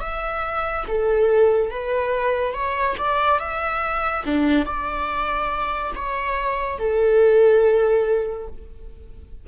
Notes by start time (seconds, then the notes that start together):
0.00 E5
0.88 A4
1.70 B4
2.53 C#5
2.98 D5
3.39 E5
4.25 D4
4.65 D5
5.95 C#5
6.78 A4